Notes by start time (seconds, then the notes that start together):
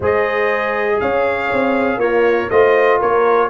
0.00 G#3 G#4 C5 D#5
1.00 C#4 C#5 F5
1.52 C4
1.96 A#3 F4 A#4 C#5
2.49 A3 F4 C5 D#5
2.99 A#3 A#4 C#5